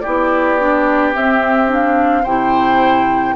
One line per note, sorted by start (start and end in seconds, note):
0.00 1.15 B3
0.00 0.59 E4
0.00 2.23 G4
0.00 1.11 D5
0.59 1.12 D4
1.12 1.68 C4
1.12 2.25 C4
1.12 1.70 E5
1.68 2.23 D4
1.68 2.25 F5
2.23 3.35 C3
2.23 3.35 E4
2.23 3.34 C5
2.23 3.35 G5